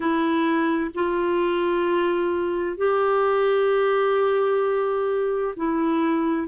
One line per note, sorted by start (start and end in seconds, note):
0.00 0.90 E4
0.94 2.77 F4
2.77 5.54 G4
5.56 6.47 E4